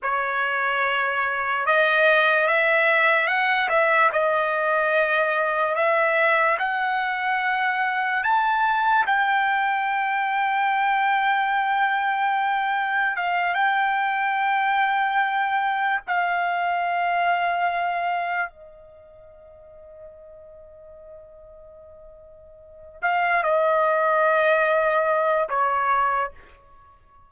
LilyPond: \new Staff \with { instrumentName = "trumpet" } { \time 4/4 \tempo 4 = 73 cis''2 dis''4 e''4 | fis''8 e''8 dis''2 e''4 | fis''2 a''4 g''4~ | g''1 |
f''8 g''2. f''8~ | f''2~ f''8 dis''4.~ | dis''1 | f''8 dis''2~ dis''8 cis''4 | }